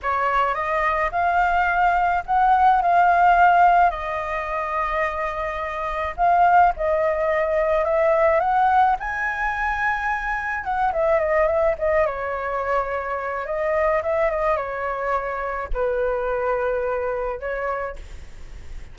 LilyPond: \new Staff \with { instrumentName = "flute" } { \time 4/4 \tempo 4 = 107 cis''4 dis''4 f''2 | fis''4 f''2 dis''4~ | dis''2. f''4 | dis''2 e''4 fis''4 |
gis''2. fis''8 e''8 | dis''8 e''8 dis''8 cis''2~ cis''8 | dis''4 e''8 dis''8 cis''2 | b'2. cis''4 | }